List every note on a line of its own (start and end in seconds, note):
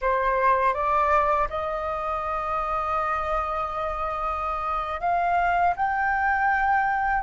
0.01 0.74 C5
0.74 1.48 D5
1.49 5.00 D#5
5.00 5.74 F5
5.75 7.22 G5